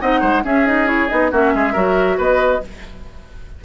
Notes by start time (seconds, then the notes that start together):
0.00 C4 D#4 D#5 F#5
0.20 G#3 C5
0.43 C#4 G#4 E5
0.65 D#4 D#5
0.86 E4 C#5
1.09 B3 D#4 D#5
1.30 A#3 C#4 F#4 E5
1.54 G#3 G#4
1.72 F#3 F#4 A#4
2.17 B3 B4 D#5